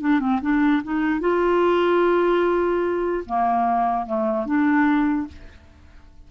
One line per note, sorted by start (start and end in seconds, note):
0.00 0.19 D4
0.19 0.40 C4
0.41 0.82 D4
0.83 1.20 D#4
1.20 3.24 F4
3.25 4.06 A#3
4.06 4.45 A3
4.45 5.27 D4